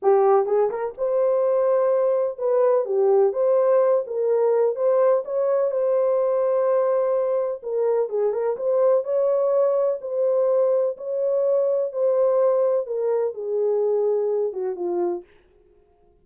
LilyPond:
\new Staff \with { instrumentName = "horn" } { \time 4/4 \tempo 4 = 126 g'4 gis'8 ais'8 c''2~ | c''4 b'4 g'4 c''4~ | c''8 ais'4. c''4 cis''4 | c''1 |
ais'4 gis'8 ais'8 c''4 cis''4~ | cis''4 c''2 cis''4~ | cis''4 c''2 ais'4 | gis'2~ gis'8 fis'8 f'4 | }